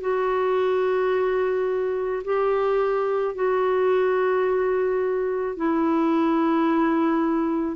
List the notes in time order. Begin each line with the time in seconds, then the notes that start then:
0.00 F#4
2.24 G4
3.35 F#4
5.56 E4